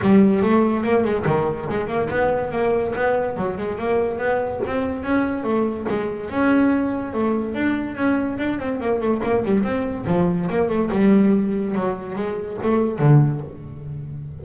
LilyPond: \new Staff \with { instrumentName = "double bass" } { \time 4/4 \tempo 4 = 143 g4 a4 ais8 gis8 dis4 | gis8 ais8 b4 ais4 b4 | fis8 gis8 ais4 b4 c'4 | cis'4 a4 gis4 cis'4~ |
cis'4 a4 d'4 cis'4 | d'8 c'8 ais8 a8 ais8 g8 c'4 | f4 ais8 a8 g2 | fis4 gis4 a4 d4 | }